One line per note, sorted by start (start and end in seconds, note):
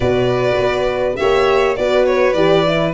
0.00 0.56 B2
0.00 1.17 F#4
0.00 1.17 B4
0.00 1.15 D5
0.59 1.18 B3
1.15 1.78 A#3
1.15 1.76 G4
1.15 1.78 C#5
1.15 1.74 E5
1.76 2.33 B3
1.76 2.36 F#4
1.76 2.93 B4
1.76 2.05 D5
2.06 2.33 C#5
2.33 2.92 E3
2.33 2.65 G4
2.33 2.92 D5
2.66 2.93 E4